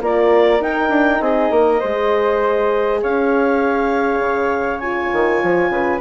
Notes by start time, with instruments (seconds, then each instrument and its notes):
0.00 bassoon A#3, horn F4, flute A#4, clarinet D5
0.60 bassoon D#4, horn D#4, clarinet G5
0.89 bassoon D4
1.20 bassoon C4, flute G#4, clarinet D#5
1.50 bassoon A#3, flute A#4
1.79 bassoon G#3, horn G#4, flute C5
3.02 bassoon C#4, flute C#5, clarinet F5
4.19 bassoon C#3
4.79 horn F4, clarinet G#5
5.12 bassoon D#3
5.42 bassoon F3
5.69 bassoon C#3, flute B4